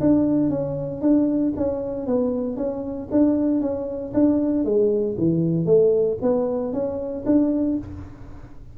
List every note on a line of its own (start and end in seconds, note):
0.00 0.49 D4
0.49 1.01 C#4
1.01 1.53 D4
1.56 2.06 C#4
2.06 2.57 B3
2.57 3.08 C#4
3.11 3.61 D4
3.61 4.12 C#4
4.13 4.64 D4
4.64 5.16 G#3
5.17 5.66 E3
5.66 6.17 A3
6.22 6.72 B3
6.72 7.24 C#4
7.26 7.77 D4